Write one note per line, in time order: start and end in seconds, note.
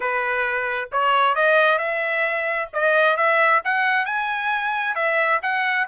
0.00 0.89 B4
0.91 1.35 C#5
1.35 1.78 D#5
1.78 2.68 E5
2.73 3.16 D#5
3.16 3.61 E5
3.64 4.05 F#5
4.05 4.95 G#5
4.95 5.40 E5
5.42 5.87 F#5